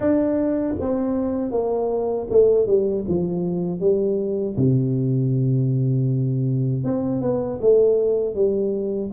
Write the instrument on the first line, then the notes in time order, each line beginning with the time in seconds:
tuba
0.00 D4
0.79 C4
1.51 A#3
2.30 A3
2.66 G3
3.07 F3
3.80 G3
4.56 C3
6.84 C4
7.22 B3
7.61 A3
8.34 G3